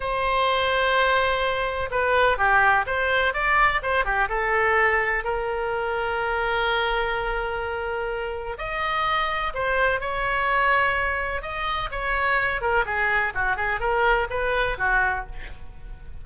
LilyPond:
\new Staff \with { instrumentName = "oboe" } { \time 4/4 \tempo 4 = 126 c''1 | b'4 g'4 c''4 d''4 | c''8 g'8 a'2 ais'4~ | ais'1~ |
ais'2 dis''2 | c''4 cis''2. | dis''4 cis''4. ais'8 gis'4 | fis'8 gis'8 ais'4 b'4 fis'4 | }